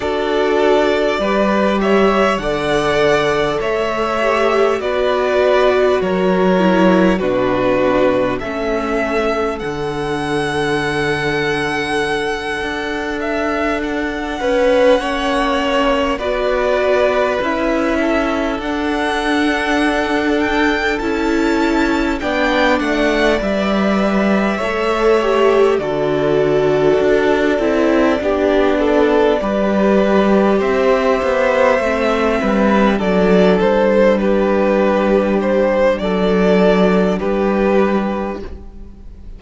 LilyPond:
<<
  \new Staff \with { instrumentName = "violin" } { \time 4/4 \tempo 4 = 50 d''4. e''8 fis''4 e''4 | d''4 cis''4 b'4 e''4 | fis''2. e''8 fis''8~ | fis''4. d''4 e''4 fis''8~ |
fis''4 g''8 a''4 g''8 fis''8 e''8~ | e''4. d''2~ d''8~ | d''4. e''2 d''8 | c''8 b'4 c''8 d''4 b'4 | }
  \new Staff \with { instrumentName = "violin" } { \time 4/4 a'4 b'8 cis''8 d''4 cis''4 | b'4 ais'4 fis'4 a'4~ | a'1 | b'8 cis''4 b'4. a'4~ |
a'2~ a'8 d''4.~ | d''8 cis''4 a'2 g'8 | a'8 b'4 c''4. b'8 a'8~ | a'8 g'4. a'4 g'4 | }
  \new Staff \with { instrumentName = "viola" } { \time 4/4 fis'4 g'4 a'4. g'8 | fis'4. e'8 d'4 cis'4 | d'1~ | d'8 cis'4 fis'4 e'4 d'8~ |
d'4. e'4 d'4 b'8~ | b'8 a'8 g'8 fis'4. e'8 d'8~ | d'8 g'2 c'4 d'8~ | d'1 | }
  \new Staff \with { instrumentName = "cello" } { \time 4/4 d'4 g4 d4 a4 | b4 fis4 b,4 a4 | d2~ d8 d'4. | cis'8 ais4 b4 cis'4 d'8~ |
d'4. cis'4 b8 a8 g8~ | g8 a4 d4 d'8 c'8 b8~ | b8 g4 c'8 b8 a8 g8 fis8 | g2 fis4 g4 | }
>>